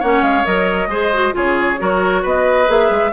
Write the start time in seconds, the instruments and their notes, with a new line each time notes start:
0.00 bassoon A#3, clarinet C#4, oboe C#5, flute F#5
0.22 bassoon G#3, flute F5
0.45 bassoon F#3, clarinet A#4, flute D#5
0.87 bassoon G#3, clarinet G#4, oboe C5
1.14 clarinet F#4
1.32 bassoon C#3, clarinet F4, oboe G#4, flute C#5
1.79 bassoon F#3, clarinet F#4, oboe A#4
2.22 bassoon B3, oboe B4, flute D#5
2.67 bassoon A#3, clarinet G#4, flute E5
2.90 bassoon G#3